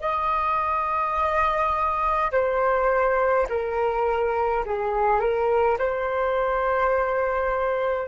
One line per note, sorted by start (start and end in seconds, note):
0.00 2.31 D#5
2.31 3.47 C5
3.49 4.64 A#4
4.66 5.20 G#4
5.20 5.77 A#4
5.78 8.08 C5